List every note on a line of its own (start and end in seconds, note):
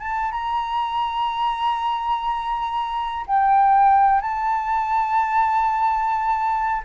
0.00 0.32 A5
0.32 3.25 A#5
3.27 4.22 G5
4.22 6.82 A5